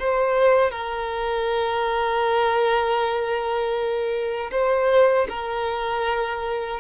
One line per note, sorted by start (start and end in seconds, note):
0.00 0.71 C5
0.71 4.51 A#4
4.52 5.28 C5
5.30 6.81 A#4